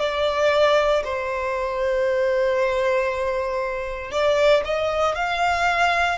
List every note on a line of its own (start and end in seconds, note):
0.00 1.03 D5
1.05 4.12 C5
4.12 4.64 D5
4.65 5.15 D#5
5.15 6.19 F5